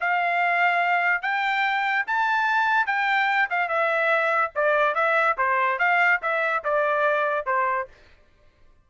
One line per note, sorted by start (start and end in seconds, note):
0.00 1.22 F5
1.22 2.05 G5
2.06 2.86 A5
2.86 3.48 G5
3.50 3.68 F5
3.68 4.51 E5
4.55 4.94 D5
4.94 5.36 E5
5.37 5.78 C5
5.78 6.20 F5
6.22 6.63 E5
6.64 7.46 D5
7.46 7.87 C5